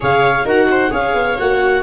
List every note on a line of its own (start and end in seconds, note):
0.00 0.45 C#3
0.00 0.45 G#4
0.00 0.45 C#5
0.00 0.47 F5
0.45 0.90 D#4
0.45 0.90 F#4
0.45 0.68 A#4
0.45 0.93 F#5
0.70 0.91 C5
0.90 1.14 C#4
0.90 1.36 G#4
0.90 1.82 C#5
0.90 1.38 F5
1.14 1.36 B3
1.38 1.82 A#3
1.38 1.82 F#4
1.38 1.82 F#5